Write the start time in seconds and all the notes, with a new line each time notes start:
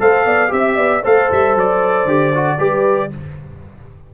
0.00 A3 A4 C5 F5
0.25 B3 D5
0.49 C4 G4 E5
0.77 B3 D5
1.02 A3 A4 C5 F5
1.32 G3 E5
1.56 F#3 D5
2.05 D3 G4
2.35 F#4
2.58 G3 G4 B4